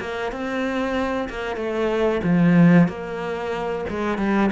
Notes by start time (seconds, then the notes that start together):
0.00 A#3
0.32 C4
1.29 A#3
1.56 A3
2.23 F3
2.88 A#3
3.89 G#3
4.18 G3